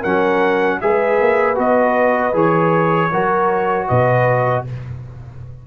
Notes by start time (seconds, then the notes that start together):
0.00 F#3 C#4 A#4 F#5
0.80 G#3 G#4 B4 E5
1.20 A#3
1.55 B3 F#4 D#5
2.32 E3 G#4 C#5
3.11 F#3 F#4 A#4
3.87 B2 B4 D#5